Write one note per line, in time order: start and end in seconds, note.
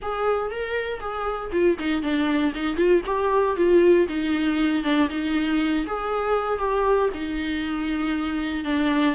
0.02 0.51 G#4
0.51 1.00 A#4
1.00 1.50 G#4
1.52 1.77 F4
1.78 2.02 D#4
2.02 2.53 D4
2.54 2.76 D#4
2.76 3.01 F4
3.05 3.56 G4
3.56 4.07 F4
4.08 4.83 D#4
4.83 5.08 D4
5.09 5.85 D#4
5.86 6.58 G#4
6.58 7.09 G4
7.13 8.64 D#4
8.64 9.15 D4